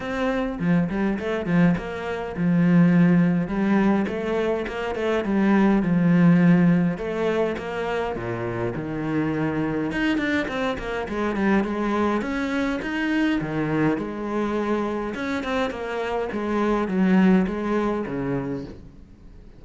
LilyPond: \new Staff \with { instrumentName = "cello" } { \time 4/4 \tempo 4 = 103 c'4 f8 g8 a8 f8 ais4 | f2 g4 a4 | ais8 a8 g4 f2 | a4 ais4 ais,4 dis4~ |
dis4 dis'8 d'8 c'8 ais8 gis8 g8 | gis4 cis'4 dis'4 dis4 | gis2 cis'8 c'8 ais4 | gis4 fis4 gis4 cis4 | }